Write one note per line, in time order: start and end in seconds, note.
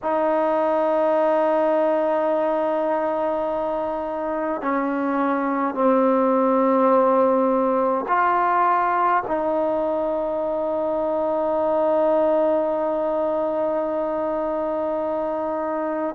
0.02 4.62 D#4
4.62 5.74 C#4
5.74 8.05 C4
8.08 9.23 F4
9.27 16.15 D#4